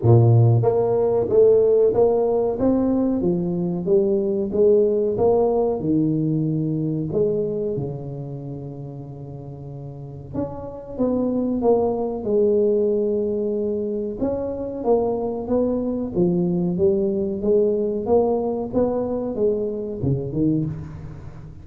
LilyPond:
\new Staff \with { instrumentName = "tuba" } { \time 4/4 \tempo 4 = 93 ais,4 ais4 a4 ais4 | c'4 f4 g4 gis4 | ais4 dis2 gis4 | cis1 |
cis'4 b4 ais4 gis4~ | gis2 cis'4 ais4 | b4 f4 g4 gis4 | ais4 b4 gis4 cis8 dis8 | }